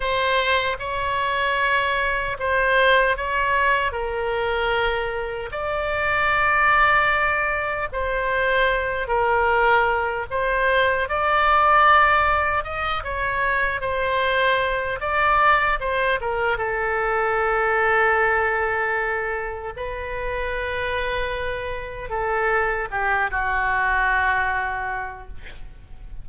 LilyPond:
\new Staff \with { instrumentName = "oboe" } { \time 4/4 \tempo 4 = 76 c''4 cis''2 c''4 | cis''4 ais'2 d''4~ | d''2 c''4. ais'8~ | ais'4 c''4 d''2 |
dis''8 cis''4 c''4. d''4 | c''8 ais'8 a'2.~ | a'4 b'2. | a'4 g'8 fis'2~ fis'8 | }